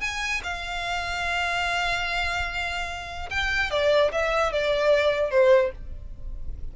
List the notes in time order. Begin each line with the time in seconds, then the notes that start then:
0.00 G#5
0.43 F5
3.30 G5
3.70 D5
4.12 E5
4.52 D5
5.30 C5